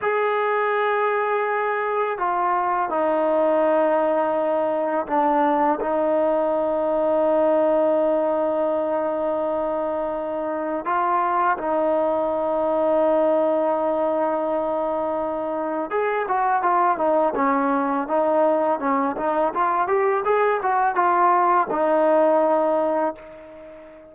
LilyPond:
\new Staff \with { instrumentName = "trombone" } { \time 4/4 \tempo 4 = 83 gis'2. f'4 | dis'2. d'4 | dis'1~ | dis'2. f'4 |
dis'1~ | dis'2 gis'8 fis'8 f'8 dis'8 | cis'4 dis'4 cis'8 dis'8 f'8 g'8 | gis'8 fis'8 f'4 dis'2 | }